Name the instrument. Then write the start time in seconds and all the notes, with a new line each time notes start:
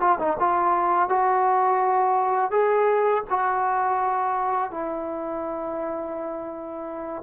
trombone
0.00 F4
0.19 D#4
0.39 F4
1.09 F#4
2.51 G#4
3.30 F#4
4.71 E4